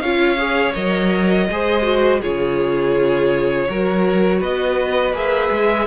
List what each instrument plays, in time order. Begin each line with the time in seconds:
0.00 cello C#4, viola F4, violin C#5 F5
0.38 viola G#4
0.74 cello F#3, viola A#4, violin D#5
1.50 cello G#3, viola G#4, violin C5
1.83 viola F#4
2.21 cello C#3, viola F4, violin G#4 C#5
3.69 cello F#3, viola F#4, violin A#4
4.39 cello B3, violin B4 D#5
5.13 cello A#3, viola G#4, violin E5
5.51 cello G#3